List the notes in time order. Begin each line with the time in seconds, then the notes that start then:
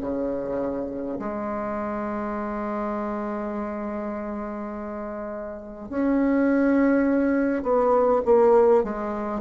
0.00 C#3
1.18 G#3
5.89 C#4
7.63 B3
8.25 A#3
8.83 G#3